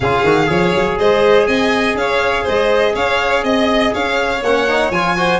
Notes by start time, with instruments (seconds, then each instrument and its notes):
0.00 tuba C#3, trombone F4, violin G#4 F5
0.23 tuba D#3, trombone F#4
0.46 tuba F3, trombone G#4, violin C#5
0.75 tuba F#3
0.99 tuba G#3, violin C5 D#5
1.46 tuba C4, violin D#5 G#5
1.94 tuba C#4, violin C#5 F5
2.43 tuba G#3, violin C5 D#5
2.94 tuba C#4, violin C#5 F5
3.43 tuba C4, violin D#5
3.93 tuba C#4, violin C#5 F5
4.42 tuba A#3, trombone C#4, violin F#5
4.68 trombone D#4
4.90 tuba F3, trombone F4, violin G#5
5.16 trombone F#4, violin C5